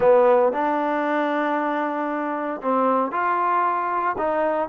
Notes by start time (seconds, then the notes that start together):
0.00 B3
0.52 D4
2.61 C4
3.11 F4
4.18 D#4